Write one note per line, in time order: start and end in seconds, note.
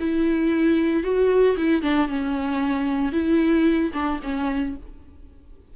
0.00 1.03 E4
1.03 1.56 F#4
1.57 1.82 E4
1.82 2.08 D4
2.08 3.12 C#4
3.12 3.92 E4
3.93 4.20 D4
4.23 4.76 C#4